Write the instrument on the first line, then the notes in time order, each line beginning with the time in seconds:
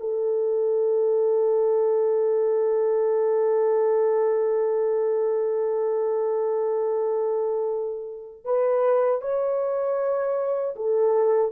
horn
0.00 A4
8.45 B4
9.21 C#5
10.76 A4